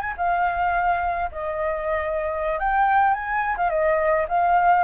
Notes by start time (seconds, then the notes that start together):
0.00 G#5
0.17 F5
1.31 D#5
2.59 G5
3.13 G#5
3.57 F5
3.69 D#5
4.28 F5